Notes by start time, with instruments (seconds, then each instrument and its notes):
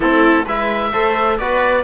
0.00 cello A3, trombone C4, viola E4, oboe A4
0.45 cello G#3, trombone E4, viola B4, oboe E5
0.92 cello A3, trombone A4, viola C5
1.38 cello B3, trombone F#4, viola B4, oboe D5